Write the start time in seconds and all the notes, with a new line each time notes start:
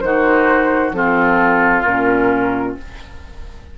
0.00 D#3 D#4 F#4 C5
0.92 F3 C4 F4 A4
1.84 A#2 C#4 A#4